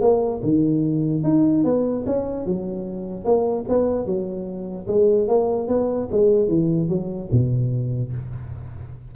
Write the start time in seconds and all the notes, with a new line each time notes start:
0.00 A#3
0.42 D#3
1.23 D#4
1.64 B3
2.06 C#4
2.45 F#3
3.24 A#3
3.68 B3
4.05 F#3
4.87 G#3
5.27 A#3
5.68 B3
6.11 G#3
6.48 E3
6.88 F#3
7.31 B2